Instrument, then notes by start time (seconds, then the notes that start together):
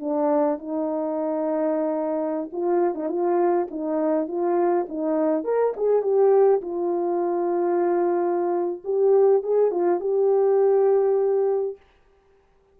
horn
0.00 D4
0.59 D#4
2.52 F4
2.94 D#4
3.09 F4
3.71 D#4
4.28 F4
4.89 D#4
5.44 A#4
5.76 G#4
6.02 G4
6.61 F4
8.84 G4
9.43 G#4
9.71 F4
10.00 G4